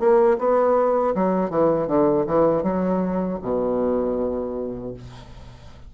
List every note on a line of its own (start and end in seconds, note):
0.00 0.38 A#3
0.39 1.15 B3
1.15 1.51 F#3
1.51 1.88 E3
1.88 2.26 D3
2.27 2.63 E3
2.63 3.39 F#3
3.43 4.95 B2